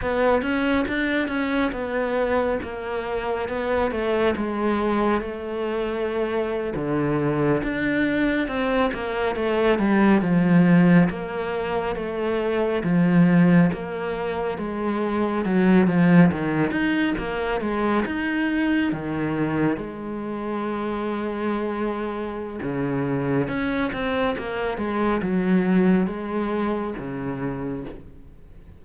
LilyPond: \new Staff \with { instrumentName = "cello" } { \time 4/4 \tempo 4 = 69 b8 cis'8 d'8 cis'8 b4 ais4 | b8 a8 gis4 a4.~ a16 d16~ | d8. d'4 c'8 ais8 a8 g8 f16~ | f8. ais4 a4 f4 ais16~ |
ais8. gis4 fis8 f8 dis8 dis'8 ais16~ | ais16 gis8 dis'4 dis4 gis4~ gis16~ | gis2 cis4 cis'8 c'8 | ais8 gis8 fis4 gis4 cis4 | }